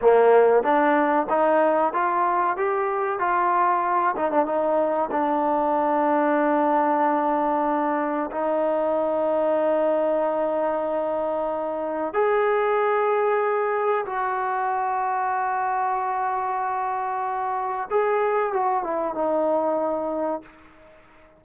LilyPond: \new Staff \with { instrumentName = "trombone" } { \time 4/4 \tempo 4 = 94 ais4 d'4 dis'4 f'4 | g'4 f'4. dis'16 d'16 dis'4 | d'1~ | d'4 dis'2.~ |
dis'2. gis'4~ | gis'2 fis'2~ | fis'1 | gis'4 fis'8 e'8 dis'2 | }